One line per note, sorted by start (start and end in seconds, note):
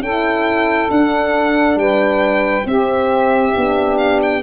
0.00 0.88 C#4
0.00 0.89 E4
0.00 1.79 A4
0.00 0.90 G5
0.89 2.65 D4
0.89 1.76 D4
0.89 1.78 F#5
1.76 2.64 G3
1.76 2.67 B4
1.76 2.67 G5
2.65 3.53 C4
2.65 3.54 C4
2.65 4.42 G4
2.65 3.98 E5
3.56 4.42 B3
3.56 4.42 D4
3.98 4.20 F5
4.22 4.42 G5